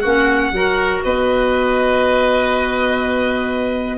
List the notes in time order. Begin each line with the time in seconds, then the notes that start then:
0.00 A#3 C#4 F#4 F#5
0.52 F#3 F#4 A#4
1.04 B3 B4 D#5